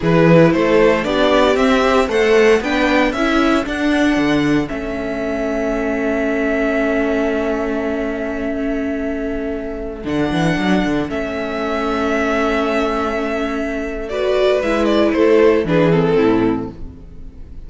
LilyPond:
<<
  \new Staff \with { instrumentName = "violin" } { \time 4/4 \tempo 4 = 115 b'4 c''4 d''4 e''4 | fis''4 g''4 e''4 fis''4~ | fis''4 e''2.~ | e''1~ |
e''2.~ e''16 fis''8.~ | fis''4~ fis''16 e''2~ e''8.~ | e''2. d''4 | e''8 d''8 c''4 b'8 a'4. | }
  \new Staff \with { instrumentName = "violin" } { \time 4/4 gis'4 a'4 g'2 | c''4 b'4 a'2~ | a'1~ | a'1~ |
a'1~ | a'1~ | a'2. b'4~ | b'4 a'4 gis'4 e'4 | }
  \new Staff \with { instrumentName = "viola" } { \time 4/4 e'2 d'4 c'8 g'8 | a'4 d'4 e'4 d'4~ | d'4 cis'2.~ | cis'1~ |
cis'2.~ cis'16 d'8.~ | d'4~ d'16 cis'2~ cis'8.~ | cis'2. fis'4 | e'2 d'8 c'4. | }
  \new Staff \with { instrumentName = "cello" } { \time 4/4 e4 a4 b4 c'4 | a4 b4 cis'4 d'4 | d4 a2.~ | a1~ |
a2.~ a16 d8 e16~ | e16 fis8 d8 a2~ a8.~ | a1 | gis4 a4 e4 a,4 | }
>>